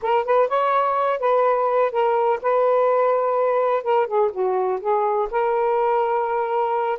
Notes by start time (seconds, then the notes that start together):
0.02 A#4
0.24 B4
0.48 C#5
1.19 B4
1.91 A#4
2.41 B4
3.83 A#4
4.07 G#4
4.31 F#4
4.80 G#4
5.30 A#4